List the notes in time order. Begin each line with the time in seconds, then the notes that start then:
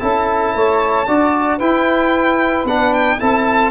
0.00 C#4 E4 A4 A5
0.55 A3 C#5
1.07 D4 F#4 D5
1.58 E4 B4 G5
2.65 B3 D4 F#5
2.94 G5
3.20 C4 E4 A4 A5